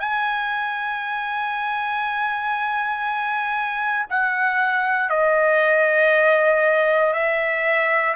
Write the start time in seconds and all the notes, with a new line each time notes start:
0.00 G#5
4.10 F#5
5.10 D#5
7.14 E5